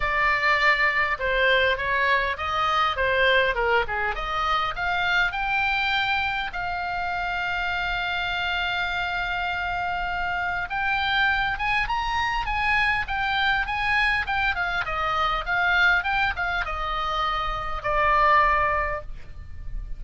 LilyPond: \new Staff \with { instrumentName = "oboe" } { \time 4/4 \tempo 4 = 101 d''2 c''4 cis''4 | dis''4 c''4 ais'8 gis'8 dis''4 | f''4 g''2 f''4~ | f''1~ |
f''2 g''4. gis''8 | ais''4 gis''4 g''4 gis''4 | g''8 f''8 dis''4 f''4 g''8 f''8 | dis''2 d''2 | }